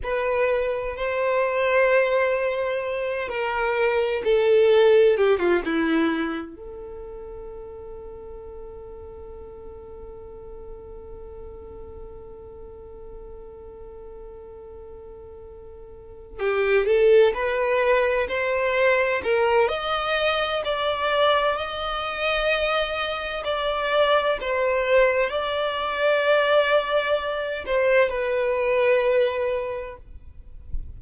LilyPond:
\new Staff \with { instrumentName = "violin" } { \time 4/4 \tempo 4 = 64 b'4 c''2~ c''8 ais'8~ | ais'8 a'4 g'16 f'16 e'4 a'4~ | a'1~ | a'1~ |
a'4. g'8 a'8 b'4 c''8~ | c''8 ais'8 dis''4 d''4 dis''4~ | dis''4 d''4 c''4 d''4~ | d''4. c''8 b'2 | }